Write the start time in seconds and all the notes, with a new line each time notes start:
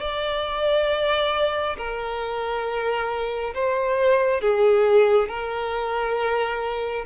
0.00 D5
1.77 A#4
3.54 C5
4.41 G#4
5.28 A#4